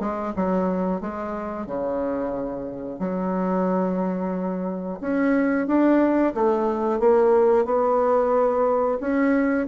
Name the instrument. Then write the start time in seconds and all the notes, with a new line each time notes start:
bassoon
0.00 G#3
0.36 F#3
1.01 G#3
1.67 C#3
2.99 F#3
5.01 C#4
5.67 D4
6.35 A3
7.00 A#3
7.65 B3
9.01 C#4